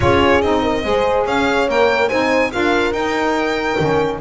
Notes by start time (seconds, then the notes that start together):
0.00 C#4 F4 G#4 C#5
0.41 C4 D#4 D#5
0.62 A#4
0.84 G#3 G#4 C5
1.26 C#4 C#5 F5
1.68 A#3 A#4 G5
2.08 C4 D#4 C5 G#5
2.51 D4 F4 A#4 F5
2.92 D#4 G5
3.79 D#3 C#4